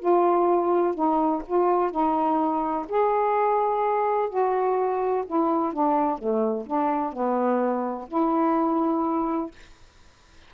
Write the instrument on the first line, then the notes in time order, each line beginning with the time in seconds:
saxophone
0.00 F4
0.95 D#4
1.47 F4
1.92 D#4
2.89 G#4
4.30 F#4
5.27 E4
5.73 D4
6.19 A3
6.66 D4
7.13 B3
8.09 E4